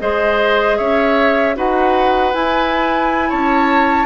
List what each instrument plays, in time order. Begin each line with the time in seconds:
0.00 bassoon G#3, clarinet G#4, oboe C5, flute D#5
0.78 bassoon C#4, oboe C#5, flute E5
1.56 bassoon D#4, clarinet F#4, oboe B4, flute F#5
2.33 clarinet E4, bassoon E4, flute G#5
3.30 bassoon C#4, oboe C#5, flute A5